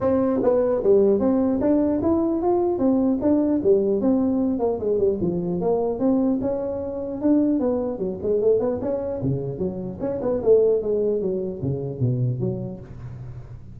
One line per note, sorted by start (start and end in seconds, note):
0.00 0.40 C4
0.42 0.82 B3
0.83 1.19 G3
1.19 1.59 C4
1.60 2.00 D4
2.01 2.41 E4
2.42 2.78 F4
2.78 3.18 C4
3.21 3.61 D4
3.63 4.01 G3
4.01 4.59 C4
4.59 4.79 A#3
4.79 4.98 G#3
4.98 5.18 G3
5.20 5.60 F3
5.61 5.99 A#3
5.99 6.39 C4
6.41 7.21 C#4
7.21 7.59 D4
7.59 7.98 B3
7.98 8.18 F#3
8.22 8.41 G#3
8.41 8.59 A3
8.59 8.79 B3
8.81 9.21 C#4
9.22 9.58 C#3
9.58 9.98 F#3
10.00 10.20 C#4
10.21 10.41 B3
10.43 10.82 A3
10.82 11.21 G#3
11.21 11.61 F#3
11.62 11.99 C#3
11.99 12.39 B2
12.40 12.80 F#3